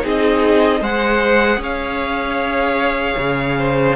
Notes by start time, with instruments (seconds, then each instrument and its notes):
0.00 cello C4, viola D#4, violin G#4
0.08 violin D#5
0.80 cello G#3, viola G#4, violin C5 F#5
1.57 cello C#4, violin C#5 F5
3.17 cello C#3
3.58 violin C5